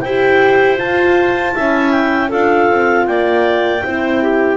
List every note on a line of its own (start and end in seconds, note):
0.00 0.79 E4
0.00 0.77 G4
0.00 1.53 C5
0.00 0.76 G5
0.77 1.52 F4
0.77 1.55 F4
0.77 1.91 A5
1.52 2.32 C#4
1.52 2.28 E4
1.52 2.29 E5
1.91 2.29 G5
2.29 2.70 D4
2.29 3.81 F4
2.29 3.05 A4
2.29 3.06 F5
2.70 3.07 C4
3.06 3.83 A#3
3.06 3.84 D5
3.06 4.57 G5
3.83 4.57 C4
3.83 4.57 E4
3.83 4.22 C5
4.22 4.57 G4